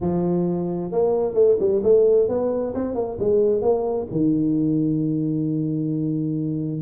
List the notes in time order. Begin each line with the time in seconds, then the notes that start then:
0.00 F3
0.91 A#3
1.34 A3
1.59 G3
1.83 A3
2.28 B3
2.74 C4
2.94 A#3
3.19 G#3
3.61 A#3
4.11 D#3